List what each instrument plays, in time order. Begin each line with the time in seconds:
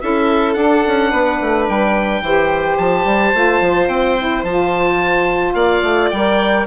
0.00 bassoon C#4, saxophone E4, violin A4, oboe E5
0.53 bassoon D4, saxophone D4, oboe F#5
0.87 bassoon C#4
1.10 bassoon B3, violin B4
1.40 bassoon A3
1.68 bassoon G3, oboe G5
2.21 bassoon E3, saxophone G4, violin C5
2.77 bassoon F3, oboe A5
3.05 bassoon G3
3.33 bassoon A3, saxophone F4
3.60 bassoon F3
3.87 bassoon C4, oboe G5
4.18 saxophone E4
4.43 bassoon F3, saxophone F4, oboe A5
5.54 bassoon A#3, violin D5, oboe F5
5.82 bassoon A3
6.09 bassoon G3, saxophone A#4, oboe G5